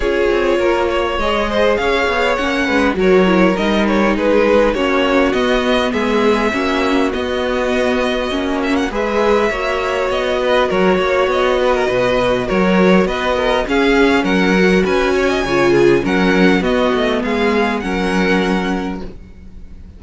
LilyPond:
<<
  \new Staff \with { instrumentName = "violin" } { \time 4/4 \tempo 4 = 101 cis''2 dis''4 f''4 | fis''4 cis''4 dis''8 cis''8 b'4 | cis''4 dis''4 e''2 | dis''2~ dis''8 e''16 fis''16 e''4~ |
e''4 dis''4 cis''4 dis''4~ | dis''4 cis''4 dis''4 f''4 | fis''4 gis''2 fis''4 | dis''4 f''4 fis''2 | }
  \new Staff \with { instrumentName = "violin" } { \time 4/4 gis'4 ais'8 cis''4 c''8 cis''4~ | cis''8 b'8 ais'2 gis'4 | fis'2 gis'4 fis'4~ | fis'2. b'4 |
cis''4. b'8 ais'8 cis''4 b'16 ais'16 | b'4 ais'4 b'8 ais'8 gis'4 | ais'4 b'8 cis''16 dis''16 cis''8 gis'8 ais'4 | fis'4 gis'4 ais'2 | }
  \new Staff \with { instrumentName = "viola" } { \time 4/4 f'2 gis'2 | cis'4 fis'8 e'8 dis'2 | cis'4 b2 cis'4 | b2 cis'4 gis'4 |
fis'1~ | fis'2. cis'4~ | cis'8 fis'4. f'4 cis'4 | b2 cis'2 | }
  \new Staff \with { instrumentName = "cello" } { \time 4/4 cis'8 c'8 ais4 gis4 cis'8 b8 | ais8 gis8 fis4 g4 gis4 | ais4 b4 gis4 ais4 | b2 ais4 gis4 |
ais4 b4 fis8 ais8 b4 | b,4 fis4 b4 cis'4 | fis4 cis'4 cis4 fis4 | b8 a8 gis4 fis2 | }
>>